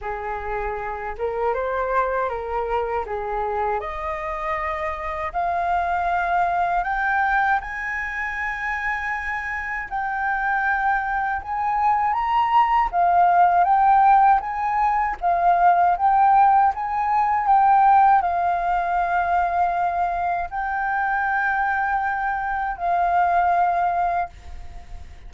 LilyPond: \new Staff \with { instrumentName = "flute" } { \time 4/4 \tempo 4 = 79 gis'4. ais'8 c''4 ais'4 | gis'4 dis''2 f''4~ | f''4 g''4 gis''2~ | gis''4 g''2 gis''4 |
ais''4 f''4 g''4 gis''4 | f''4 g''4 gis''4 g''4 | f''2. g''4~ | g''2 f''2 | }